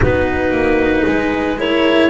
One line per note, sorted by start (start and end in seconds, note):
0.00 0.51 B3
0.00 1.56 D#4
0.00 1.05 F#4
0.00 1.60 B4
0.51 1.03 A#3
1.05 2.10 G#3
1.05 1.57 G#4
1.57 2.10 E4
1.57 2.10 A#4
1.57 2.10 C#5